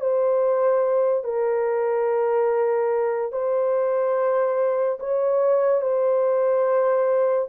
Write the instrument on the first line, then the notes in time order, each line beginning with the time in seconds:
horn
0.00 C5
1.23 A#4
3.31 C5
4.99 C#5
5.81 C5